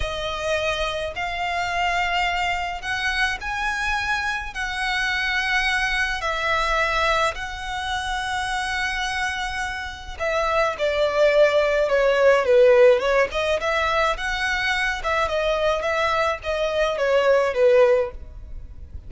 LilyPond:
\new Staff \with { instrumentName = "violin" } { \time 4/4 \tempo 4 = 106 dis''2 f''2~ | f''4 fis''4 gis''2 | fis''2. e''4~ | e''4 fis''2.~ |
fis''2 e''4 d''4~ | d''4 cis''4 b'4 cis''8 dis''8 | e''4 fis''4. e''8 dis''4 | e''4 dis''4 cis''4 b'4 | }